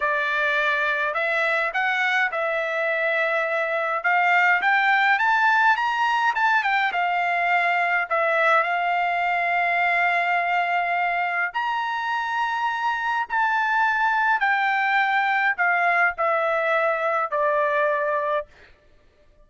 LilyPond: \new Staff \with { instrumentName = "trumpet" } { \time 4/4 \tempo 4 = 104 d''2 e''4 fis''4 | e''2. f''4 | g''4 a''4 ais''4 a''8 g''8 | f''2 e''4 f''4~ |
f''1 | ais''2. a''4~ | a''4 g''2 f''4 | e''2 d''2 | }